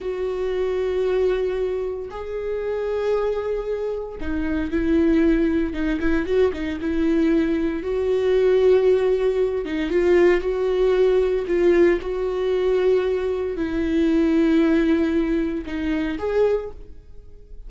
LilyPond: \new Staff \with { instrumentName = "viola" } { \time 4/4 \tempo 4 = 115 fis'1 | gis'1 | dis'4 e'2 dis'8 e'8 | fis'8 dis'8 e'2 fis'4~ |
fis'2~ fis'8 dis'8 f'4 | fis'2 f'4 fis'4~ | fis'2 e'2~ | e'2 dis'4 gis'4 | }